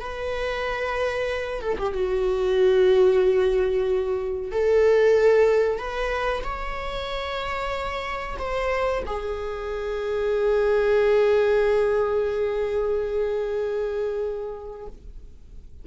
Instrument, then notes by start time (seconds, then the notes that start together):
viola
0.00 B4
1.61 A4
1.78 G4
1.94 F#4
4.52 A4
5.78 B4
6.44 C#5
8.39 C5
9.06 G#4